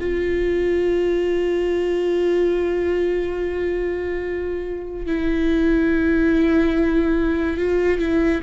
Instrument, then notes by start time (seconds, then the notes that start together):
viola
0.00 F4
5.07 E4
7.58 F4
7.99 E4